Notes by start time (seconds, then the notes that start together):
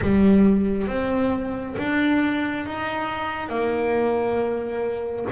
0.01 G3
0.87 C4
1.78 D4
2.66 D#4
3.49 A#3